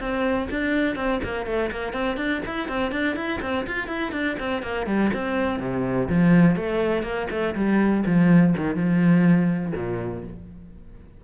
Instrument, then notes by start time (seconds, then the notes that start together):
cello
0.00 C4
0.51 D4
0.96 C4
1.24 A#3
1.46 A3
1.71 A#3
1.93 C4
2.17 D4
2.46 E4
2.69 C4
2.92 D4
3.16 E4
3.42 C4
3.67 F4
3.88 E4
4.12 D4
4.40 C4
4.63 A#3
4.87 G3
5.14 C4
5.60 C3
6.09 F3
6.56 A3
7.03 A#3
7.31 A3
7.56 G3
8.06 F3
8.57 D#3
8.76 F3
9.76 A#2